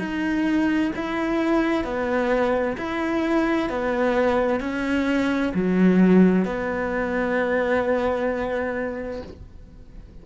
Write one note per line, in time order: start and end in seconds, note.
0.00 0.92 D#4
0.96 1.84 E4
1.84 2.77 B3
2.78 3.70 E4
3.70 4.60 B3
4.60 5.53 C#4
5.55 6.45 F#3
6.45 9.22 B3